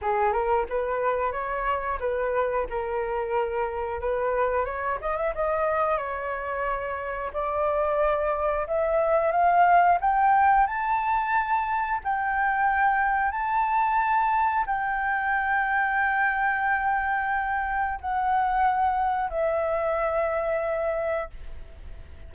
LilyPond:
\new Staff \with { instrumentName = "flute" } { \time 4/4 \tempo 4 = 90 gis'8 ais'8 b'4 cis''4 b'4 | ais'2 b'4 cis''8 dis''16 e''16 | dis''4 cis''2 d''4~ | d''4 e''4 f''4 g''4 |
a''2 g''2 | a''2 g''2~ | g''2. fis''4~ | fis''4 e''2. | }